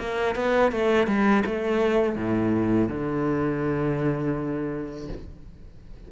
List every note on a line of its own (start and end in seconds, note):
0.00 0.36 A#3
0.36 0.72 B3
0.72 1.07 A3
1.07 1.44 G3
1.46 2.16 A3
2.16 2.89 A2
2.89 5.09 D3